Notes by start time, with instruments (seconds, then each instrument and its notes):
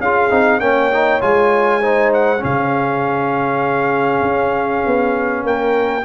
0.00 tuba C#4, trombone F4, horn G#4, trumpet F5
0.31 tuba C4, trombone D#4
0.60 tuba A#3, trombone C#4, horn C#5, trumpet G5
0.92 trombone D#4
1.21 tuba G#3, trombone F4, trumpet G#5
1.81 trombone D#4, horn C5
2.13 trumpet F#5
2.38 tuba C#3, trombone C#4, trumpet F5
2.45 horn G#4
4.22 tuba C#4
4.86 tuba B3
5.44 tuba A#3, horn A#4, trumpet G5